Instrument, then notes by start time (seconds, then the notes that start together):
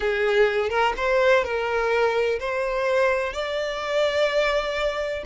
violin
0.00 G#4
0.69 A#4
0.96 C5
1.44 A#4
2.39 C5
3.33 D5